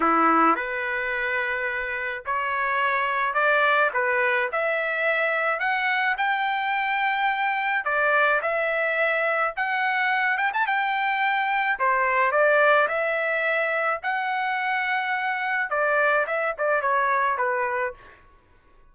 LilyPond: \new Staff \with { instrumentName = "trumpet" } { \time 4/4 \tempo 4 = 107 e'4 b'2. | cis''2 d''4 b'4 | e''2 fis''4 g''4~ | g''2 d''4 e''4~ |
e''4 fis''4. g''16 a''16 g''4~ | g''4 c''4 d''4 e''4~ | e''4 fis''2. | d''4 e''8 d''8 cis''4 b'4 | }